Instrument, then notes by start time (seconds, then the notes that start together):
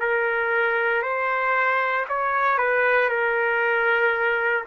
trumpet
0.00 A#4
1.02 C5
2.09 C#5
2.58 B4
3.09 A#4